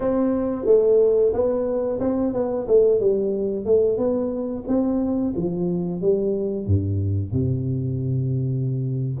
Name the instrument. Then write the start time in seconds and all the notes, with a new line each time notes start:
tuba
0.00 C4
0.65 A3
1.33 B3
2.00 C4
2.33 B3
2.67 A3
2.99 G3
3.65 A3
3.97 B3
4.67 C4
5.35 F3
6.01 G3
6.66 G2
7.32 C3